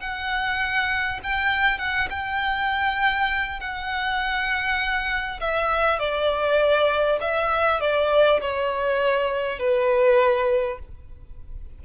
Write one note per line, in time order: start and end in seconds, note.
0.00 1.20 F#5
1.23 1.78 G5
1.78 2.08 F#5
2.09 3.59 G5
3.59 5.39 F#5
5.40 5.99 E5
5.99 7.19 D5
7.20 7.80 E5
7.80 8.40 D5
8.40 9.58 C#5
9.58 10.78 B4